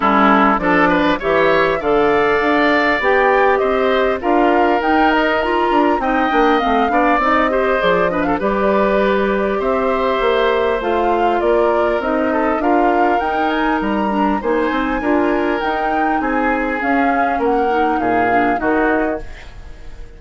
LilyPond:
<<
  \new Staff \with { instrumentName = "flute" } { \time 4/4 \tempo 4 = 100 a'4 d''4 e''4 f''4~ | f''4 g''4 dis''4 f''4 | g''8 dis''8 ais''4 g''4 f''4 | dis''4 d''8 dis''16 f''16 d''2 |
e''2 f''4 d''4 | dis''4 f''4 g''8 gis''8 ais''4 | gis''2 g''4 gis''4 | f''4 fis''4 f''4 dis''4 | }
  \new Staff \with { instrumentName = "oboe" } { \time 4/4 e'4 a'8 b'8 cis''4 d''4~ | d''2 c''4 ais'4~ | ais'2 dis''4. d''8~ | d''8 c''4 b'16 a'16 b'2 |
c''2. ais'4~ | ais'8 a'8 ais'2. | c''4 ais'2 gis'4~ | gis'4 ais'4 gis'4 fis'4 | }
  \new Staff \with { instrumentName = "clarinet" } { \time 4/4 cis'4 d'4 g'4 a'4~ | a'4 g'2 f'4 | dis'4 f'4 dis'8 d'8 c'8 d'8 | dis'8 g'8 gis'8 d'8 g'2~ |
g'2 f'2 | dis'4 f'4 dis'4. d'8 | dis'4 f'4 dis'2 | cis'4. dis'4 d'8 dis'4 | }
  \new Staff \with { instrumentName = "bassoon" } { \time 4/4 g4 f4 e4 d4 | d'4 b4 c'4 d'4 | dis'4. d'8 c'8 ais8 a8 b8 | c'4 f4 g2 |
c'4 ais4 a4 ais4 | c'4 d'4 dis'4 g4 | ais8 c'8 d'4 dis'4 c'4 | cis'4 ais4 ais,4 dis4 | }
>>